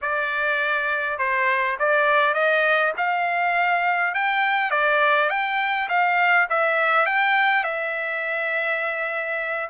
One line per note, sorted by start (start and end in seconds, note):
0.01 1.18 D5
1.18 1.77 C5
1.79 2.34 D5
2.34 2.93 D#5
2.97 4.14 F5
4.14 4.71 G5
4.71 5.29 D5
5.29 5.88 G5
5.88 6.47 F5
6.49 7.06 E5
7.06 7.63 G5
7.63 9.69 E5